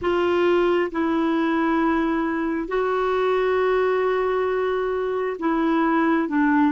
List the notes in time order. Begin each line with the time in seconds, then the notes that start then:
0.01 F4
0.91 E4
2.68 F#4
5.39 E4
6.28 D4